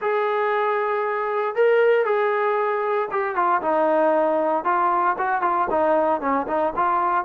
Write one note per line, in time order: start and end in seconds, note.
0.01 1.55 G#4
1.55 2.05 A#4
2.05 3.08 G#4
3.11 3.35 G4
3.35 3.61 F4
3.61 4.64 D#4
4.64 5.16 F4
5.18 5.41 F#4
5.41 5.67 F4
5.70 6.20 D#4
6.20 6.46 C#4
6.47 6.73 D#4
6.76 7.24 F4